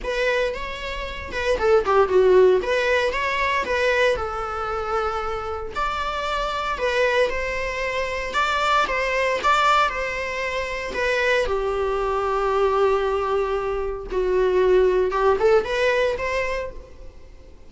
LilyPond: \new Staff \with { instrumentName = "viola" } { \time 4/4 \tempo 4 = 115 b'4 cis''4. b'8 a'8 g'8 | fis'4 b'4 cis''4 b'4 | a'2. d''4~ | d''4 b'4 c''2 |
d''4 c''4 d''4 c''4~ | c''4 b'4 g'2~ | g'2. fis'4~ | fis'4 g'8 a'8 b'4 c''4 | }